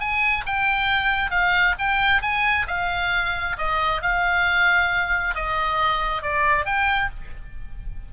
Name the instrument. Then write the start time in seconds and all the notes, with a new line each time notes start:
oboe
0.00 G#5
0.46 G5
1.31 F5
1.79 G5
2.22 G#5
2.68 F5
3.58 D#5
4.02 F5
5.35 D#5
6.23 D5
6.66 G5